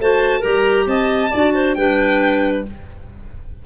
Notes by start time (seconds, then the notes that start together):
0.00 A3 F#4 C5 A5
0.40 G3 G4 A#4 A#5
0.87 C4 D#5 A5
1.31 D4 F#4 D5
1.54 C5
1.75 G3 D4 B4 G5